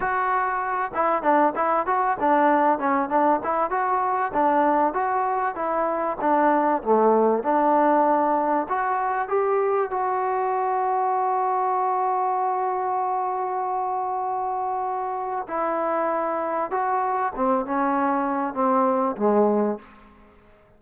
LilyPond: \new Staff \with { instrumentName = "trombone" } { \time 4/4 \tempo 4 = 97 fis'4. e'8 d'8 e'8 fis'8 d'8~ | d'8 cis'8 d'8 e'8 fis'4 d'4 | fis'4 e'4 d'4 a4 | d'2 fis'4 g'4 |
fis'1~ | fis'1~ | fis'4 e'2 fis'4 | c'8 cis'4. c'4 gis4 | }